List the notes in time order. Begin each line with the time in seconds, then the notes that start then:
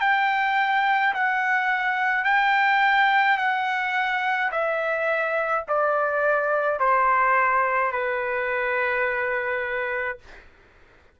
0.00 G5
1.14 F#5
2.24 G5
3.37 F#5
4.51 E5
5.68 D5
6.79 C5
7.92 B4